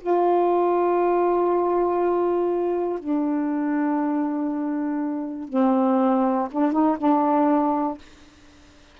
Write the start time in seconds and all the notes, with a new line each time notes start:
0.00 F4
2.99 D4
5.48 C4
6.51 D4
6.72 D#4
6.98 D4